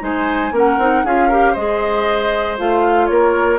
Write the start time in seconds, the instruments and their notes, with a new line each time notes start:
0.00 bassoon G#3, clarinet D#4, oboe C5, flute G#5
0.52 bassoon A#3, clarinet C#4, oboe A#4, flute F#5
0.79 bassoon C4, clarinet D#4
1.04 bassoon C#4, clarinet F4, oboe G#4, flute F5
1.28 clarinet G4, oboe A#4
1.53 bassoon G#3, clarinet G#4, oboe C5, flute D#5
2.58 bassoon A3, clarinet F4, flute F5
3.07 bassoon A#3, oboe A#4, flute C#5